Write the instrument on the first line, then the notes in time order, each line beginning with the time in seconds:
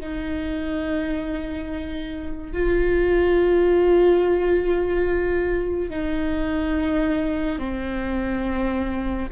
viola
0.00 D#4
2.52 F4
5.90 D#4
7.58 C4